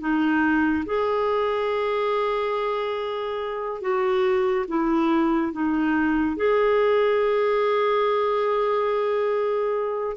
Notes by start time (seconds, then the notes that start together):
0.00 D#4
0.86 G#4
3.81 F#4
4.68 E4
5.52 D#4
6.36 G#4